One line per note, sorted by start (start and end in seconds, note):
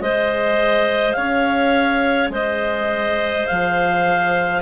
0.00 1.15 G#3
0.00 4.62 G#4
0.00 1.16 C5
0.00 1.13 D#5
1.13 2.29 C#4
1.13 2.32 C#5
1.13 2.28 F5
2.29 3.45 G#3
2.29 4.62 C5
2.29 3.46 D#5
3.46 4.62 F3
3.46 4.62 F5